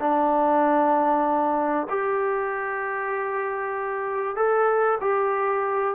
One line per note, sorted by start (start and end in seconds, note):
0.00 1.88 D4
1.90 4.37 G4
4.37 4.99 A4
5.01 5.95 G4